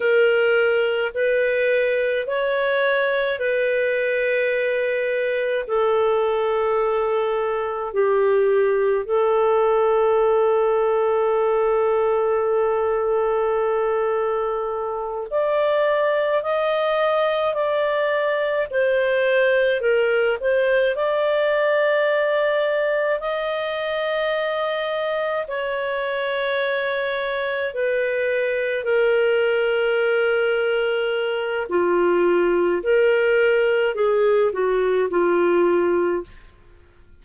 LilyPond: \new Staff \with { instrumentName = "clarinet" } { \time 4/4 \tempo 4 = 53 ais'4 b'4 cis''4 b'4~ | b'4 a'2 g'4 | a'1~ | a'4. d''4 dis''4 d''8~ |
d''8 c''4 ais'8 c''8 d''4.~ | d''8 dis''2 cis''4.~ | cis''8 b'4 ais'2~ ais'8 | f'4 ais'4 gis'8 fis'8 f'4 | }